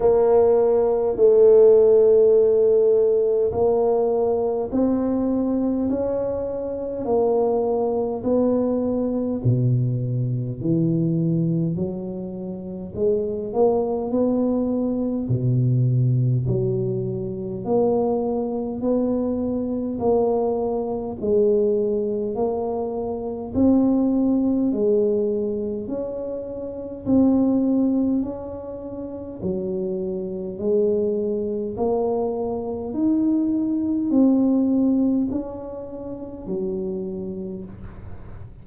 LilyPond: \new Staff \with { instrumentName = "tuba" } { \time 4/4 \tempo 4 = 51 ais4 a2 ais4 | c'4 cis'4 ais4 b4 | b,4 e4 fis4 gis8 ais8 | b4 b,4 fis4 ais4 |
b4 ais4 gis4 ais4 | c'4 gis4 cis'4 c'4 | cis'4 fis4 gis4 ais4 | dis'4 c'4 cis'4 fis4 | }